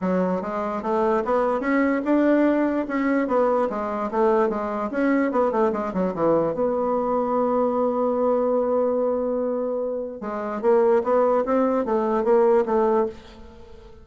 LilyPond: \new Staff \with { instrumentName = "bassoon" } { \time 4/4 \tempo 4 = 147 fis4 gis4 a4 b4 | cis'4 d'2 cis'4 | b4 gis4 a4 gis4 | cis'4 b8 a8 gis8 fis8 e4 |
b1~ | b1~ | b4 gis4 ais4 b4 | c'4 a4 ais4 a4 | }